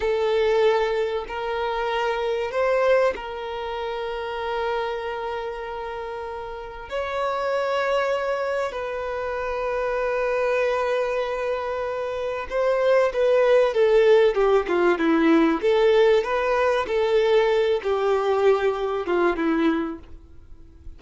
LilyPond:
\new Staff \with { instrumentName = "violin" } { \time 4/4 \tempo 4 = 96 a'2 ais'2 | c''4 ais'2.~ | ais'2. cis''4~ | cis''2 b'2~ |
b'1 | c''4 b'4 a'4 g'8 f'8 | e'4 a'4 b'4 a'4~ | a'8 g'2 f'8 e'4 | }